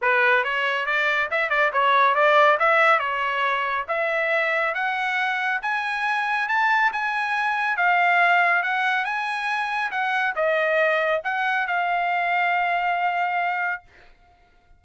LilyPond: \new Staff \with { instrumentName = "trumpet" } { \time 4/4 \tempo 4 = 139 b'4 cis''4 d''4 e''8 d''8 | cis''4 d''4 e''4 cis''4~ | cis''4 e''2 fis''4~ | fis''4 gis''2 a''4 |
gis''2 f''2 | fis''4 gis''2 fis''4 | dis''2 fis''4 f''4~ | f''1 | }